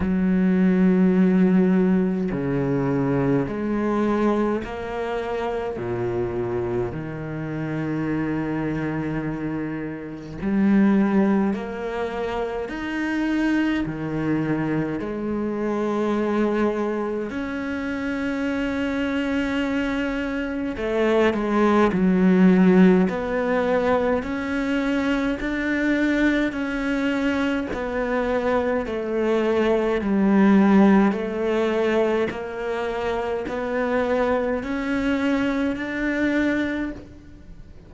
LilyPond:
\new Staff \with { instrumentName = "cello" } { \time 4/4 \tempo 4 = 52 fis2 cis4 gis4 | ais4 ais,4 dis2~ | dis4 g4 ais4 dis'4 | dis4 gis2 cis'4~ |
cis'2 a8 gis8 fis4 | b4 cis'4 d'4 cis'4 | b4 a4 g4 a4 | ais4 b4 cis'4 d'4 | }